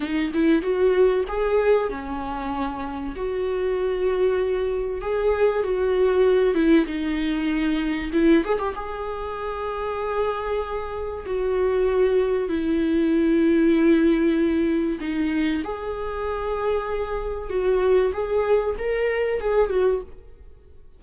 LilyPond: \new Staff \with { instrumentName = "viola" } { \time 4/4 \tempo 4 = 96 dis'8 e'8 fis'4 gis'4 cis'4~ | cis'4 fis'2. | gis'4 fis'4. e'8 dis'4~ | dis'4 e'8 gis'16 g'16 gis'2~ |
gis'2 fis'2 | e'1 | dis'4 gis'2. | fis'4 gis'4 ais'4 gis'8 fis'8 | }